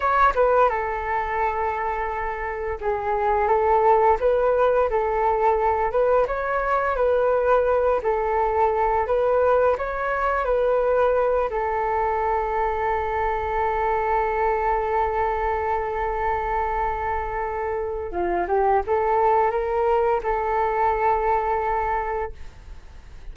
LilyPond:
\new Staff \with { instrumentName = "flute" } { \time 4/4 \tempo 4 = 86 cis''8 b'8 a'2. | gis'4 a'4 b'4 a'4~ | a'8 b'8 cis''4 b'4. a'8~ | a'4 b'4 cis''4 b'4~ |
b'8 a'2.~ a'8~ | a'1~ | a'2 f'8 g'8 a'4 | ais'4 a'2. | }